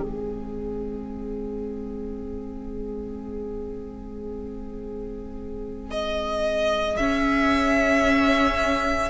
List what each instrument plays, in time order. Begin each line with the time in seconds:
0.00 cello G#3, viola C4, violin G#4
5.91 violin D#5
6.97 viola C#4, cello C#4, violin E5